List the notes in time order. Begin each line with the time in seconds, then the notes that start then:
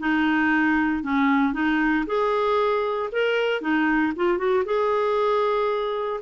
0.00 D#4
1.03 C#4
1.54 D#4
2.07 G#4
3.12 A#4
3.61 D#4
4.16 F4
4.38 F#4
4.66 G#4